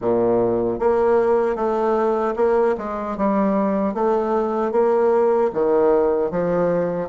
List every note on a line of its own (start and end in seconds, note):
0.01 0.79 A#2
0.79 1.55 A#3
1.55 2.34 A3
2.36 2.75 A#3
2.77 3.17 G#3
3.17 3.94 G3
3.94 4.72 A3
4.72 5.50 A#3
5.53 6.31 D#3
6.31 7.08 F3